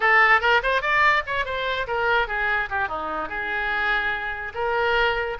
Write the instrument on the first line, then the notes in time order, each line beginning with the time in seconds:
oboe
0.00 A4
0.40 A#4
0.62 C5
0.81 D5
1.26 C#5
1.45 C5
1.87 A#4
2.27 G#4
2.69 G4
2.88 D#4
3.28 G#4
4.54 A#4